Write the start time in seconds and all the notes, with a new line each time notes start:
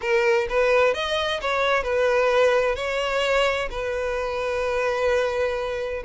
0.01 A#4
0.49 B4
0.93 D#5
1.41 C#5
1.83 B4
2.75 C#5
3.70 B4